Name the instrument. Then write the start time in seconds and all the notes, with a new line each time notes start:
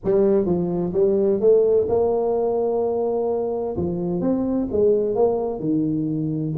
tuba
0.04 G3
0.45 F3
0.93 G3
1.40 A3
1.89 A#3
3.76 F3
4.20 C4
4.71 G#3
5.15 A#3
5.59 D#3